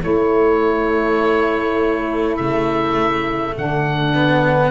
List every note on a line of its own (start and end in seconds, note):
0.00 4.14 A3
0.00 3.53 E4
0.00 2.37 C#5
0.06 2.39 A3
2.37 3.57 C#3
2.37 3.54 E5
3.56 4.71 D3
3.56 4.71 D4
3.56 4.71 F#5
4.14 4.71 B3